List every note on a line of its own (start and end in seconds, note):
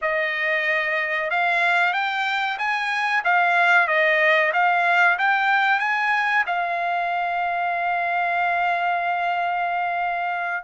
0.01 1.30 D#5
1.30 1.93 F5
1.93 2.57 G5
2.58 3.23 G#5
3.24 3.87 F5
3.87 4.52 D#5
4.53 5.17 F5
5.18 5.79 G5
5.79 6.44 G#5
6.46 10.64 F5